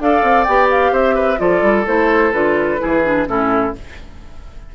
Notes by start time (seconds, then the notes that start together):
0.00 D4 A4 D5 F5
0.23 C4
0.44 B3 G4 G5
0.71 F5
0.92 C4 C5 E5
1.15 B4
1.37 F3 F4 A4 D5
1.62 G3
1.86 A3 E4 C5
2.32 D3 F4 B4
2.79 E3 E4 G#4
3.04 D4
3.27 A2 C#4 E4 A4